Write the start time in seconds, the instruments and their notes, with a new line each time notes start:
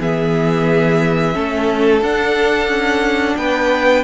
0.00 cello E3, viola B3, violin G#4 E5
1.33 cello A3, viola C#4, violin A4
2.01 cello D4, viola D4, violin F#5
2.68 cello C#4
3.37 cello B3, violin B4 G5